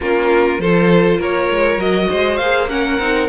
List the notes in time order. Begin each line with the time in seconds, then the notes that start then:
0.00 A#3 C#4 F4 A#4
0.58 F3 F4 A4 C5
1.17 A#3 A#4 C#5
1.50 G#3
1.77 F#3 F#4 D#5
2.09 G#3 C5
2.36 A#3 G#4 F5
2.69 C#4 A#4 F#5
2.98 C4 D#4